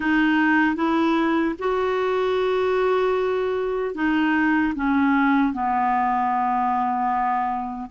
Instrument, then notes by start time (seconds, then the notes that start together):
clarinet
0.00 D#4
0.75 E4
1.59 F#4
3.94 D#4
4.75 C#4
5.53 B3